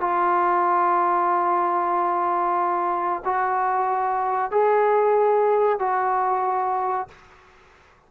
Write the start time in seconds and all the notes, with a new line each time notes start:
0.00 F4
3.24 F#4
4.51 G#4
5.79 F#4